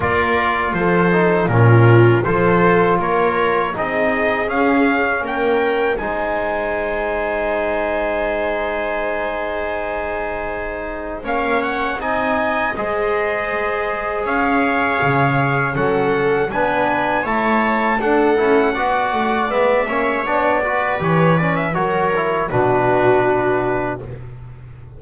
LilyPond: <<
  \new Staff \with { instrumentName = "trumpet" } { \time 4/4 \tempo 4 = 80 d''4 c''4 ais'4 c''4 | cis''4 dis''4 f''4 g''4 | gis''1~ | gis''2. f''8 fis''8 |
gis''4 dis''2 f''4~ | f''4 fis''4 gis''4 a''4 | fis''2 e''4 d''4 | cis''8 d''16 e''16 cis''4 b'2 | }
  \new Staff \with { instrumentName = "viola" } { \time 4/4 ais'4 a'4 f'4 a'4 | ais'4 gis'2 ais'4 | c''1~ | c''2. cis''4 |
dis''4 c''2 cis''4~ | cis''4 a'4 b'4 cis''4 | a'4 d''4. cis''4 b'8~ | b'4 ais'4 fis'2 | }
  \new Staff \with { instrumentName = "trombone" } { \time 4/4 f'4. dis'8 cis'4 f'4~ | f'4 dis'4 cis'2 | dis'1~ | dis'2. cis'4 |
dis'4 gis'2.~ | gis'4 cis'4 d'4 e'4 | d'8 e'8 fis'4 b8 cis'8 d'8 fis'8 | g'8 cis'8 fis'8 e'8 d'2 | }
  \new Staff \with { instrumentName = "double bass" } { \time 4/4 ais4 f4 ais,4 f4 | ais4 c'4 cis'4 ais4 | gis1~ | gis2. ais4 |
c'4 gis2 cis'4 | cis4 fis4 b4 a4 | d'8 cis'8 b8 a8 gis8 ais8 b4 | e4 fis4 b,2 | }
>>